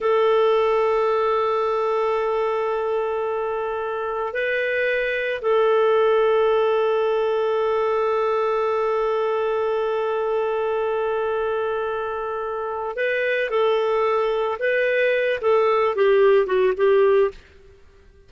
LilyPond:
\new Staff \with { instrumentName = "clarinet" } { \time 4/4 \tempo 4 = 111 a'1~ | a'1 | b'2 a'2~ | a'1~ |
a'1~ | a'1 | b'4 a'2 b'4~ | b'8 a'4 g'4 fis'8 g'4 | }